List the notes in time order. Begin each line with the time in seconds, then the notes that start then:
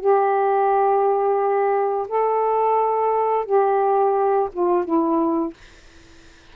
0.00 G4
2.08 A4
3.45 G4
4.53 F4
4.85 E4